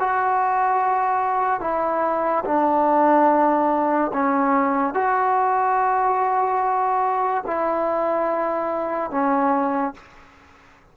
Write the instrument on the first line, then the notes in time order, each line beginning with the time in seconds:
trombone
0.00 F#4
1.61 E4
2.45 D4
4.14 C#4
4.95 F#4
7.47 E4
9.11 C#4